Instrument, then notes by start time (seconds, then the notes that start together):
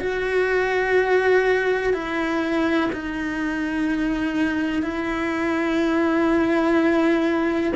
cello
0.00 F#4
1.94 E4
2.93 D#4
4.83 E4